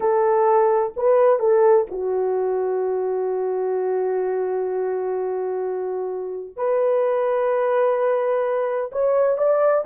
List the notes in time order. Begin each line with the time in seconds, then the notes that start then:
0.00 A4
0.96 B4
1.39 A4
1.90 F#4
6.56 B4
8.92 C#5
9.37 D5